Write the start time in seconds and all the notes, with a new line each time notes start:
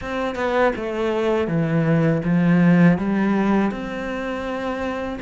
0.01 C4
0.35 B3
0.75 A3
1.47 E3
2.24 F3
2.98 G3
3.71 C4